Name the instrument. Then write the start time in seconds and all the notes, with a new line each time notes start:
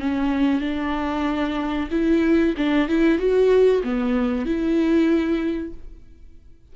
viola
0.00 C#4
0.62 D4
1.91 E4
2.58 D4
2.89 E4
3.19 F#4
3.84 B3
4.46 E4